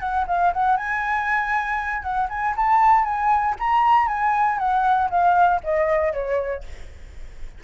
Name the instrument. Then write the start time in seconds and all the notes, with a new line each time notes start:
flute
0.00 F#5
0.28 F5
0.53 F#5
0.77 G#5
2.03 F#5
2.30 G#5
2.57 A5
3.05 G#5
3.59 A#5
4.08 G#5
4.59 F#5
5.10 F5
5.64 D#5
6.13 C#5